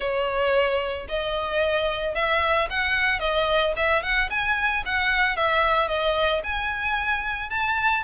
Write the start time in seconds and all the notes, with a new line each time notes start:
0.00 C#5
1.08 D#5
2.14 E5
2.70 F#5
3.19 D#5
3.76 E5
4.03 F#5
4.30 G#5
4.85 F#5
5.36 E5
5.88 D#5
6.43 G#5
7.50 A5